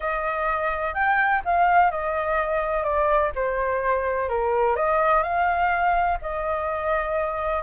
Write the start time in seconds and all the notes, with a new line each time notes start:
0.00 D#5
0.94 G5
1.44 F5
1.90 D#5
2.83 D5
3.35 C5
4.28 A#4
4.76 D#5
5.23 F5
6.21 D#5